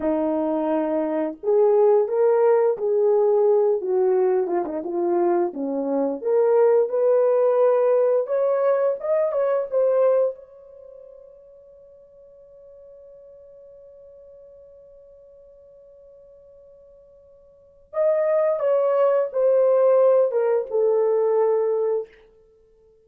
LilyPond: \new Staff \with { instrumentName = "horn" } { \time 4/4 \tempo 4 = 87 dis'2 gis'4 ais'4 | gis'4. fis'4 f'16 dis'16 f'4 | cis'4 ais'4 b'2 | cis''4 dis''8 cis''8 c''4 cis''4~ |
cis''1~ | cis''1~ | cis''2 dis''4 cis''4 | c''4. ais'8 a'2 | }